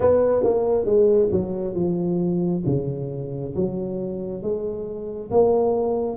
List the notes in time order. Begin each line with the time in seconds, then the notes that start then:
0.00 B3
0.43 A#3
0.85 G#3
1.31 F#3
1.74 F3
2.66 C#3
3.55 F#3
4.42 G#3
5.31 A#3